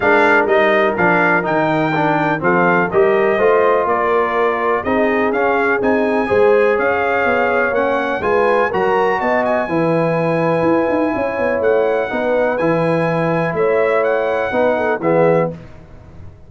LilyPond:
<<
  \new Staff \with { instrumentName = "trumpet" } { \time 4/4 \tempo 4 = 124 f''4 dis''4 f''4 g''4~ | g''4 f''4 dis''2 | d''2 dis''4 f''4 | gis''2 f''2 |
fis''4 gis''4 ais''4 a''8 gis''8~ | gis''1 | fis''2 gis''2 | e''4 fis''2 e''4 | }
  \new Staff \with { instrumentName = "horn" } { \time 4/4 ais'1~ | ais'4 a'4 ais'4 c''4 | ais'2 gis'2~ | gis'4 c''4 cis''2~ |
cis''4 b'4 ais'4 dis''4 | b'2. cis''4~ | cis''4 b'2. | cis''2 b'8 a'8 gis'4 | }
  \new Staff \with { instrumentName = "trombone" } { \time 4/4 d'4 dis'4 d'4 dis'4 | d'4 c'4 g'4 f'4~ | f'2 dis'4 cis'4 | dis'4 gis'2. |
cis'4 f'4 fis'2 | e'1~ | e'4 dis'4 e'2~ | e'2 dis'4 b4 | }
  \new Staff \with { instrumentName = "tuba" } { \time 4/4 gis4 g4 f4 dis4~ | dis4 f4 g4 a4 | ais2 c'4 cis'4 | c'4 gis4 cis'4 b4 |
ais4 gis4 fis4 b4 | e2 e'8 dis'8 cis'8 b8 | a4 b4 e2 | a2 b4 e4 | }
>>